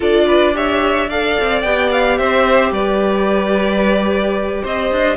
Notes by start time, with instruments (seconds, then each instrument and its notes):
0.00 cello D4, viola F4, violin A4 D5
0.27 violin B4
0.53 viola G4, violin C#5 E5
1.09 viola A4, violin D5 F5
1.39 cello C4
1.61 cello B3, viola G4, violin G5
1.91 violin F5
2.17 cello C4, violin C5 E5
2.71 cello G3, violin B4 D5
4.62 cello C4, violin C5 D#5
4.91 cello D4